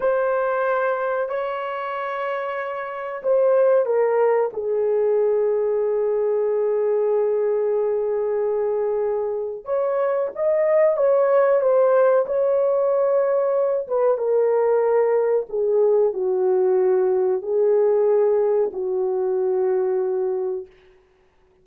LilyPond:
\new Staff \with { instrumentName = "horn" } { \time 4/4 \tempo 4 = 93 c''2 cis''2~ | cis''4 c''4 ais'4 gis'4~ | gis'1~ | gis'2. cis''4 |
dis''4 cis''4 c''4 cis''4~ | cis''4. b'8 ais'2 | gis'4 fis'2 gis'4~ | gis'4 fis'2. | }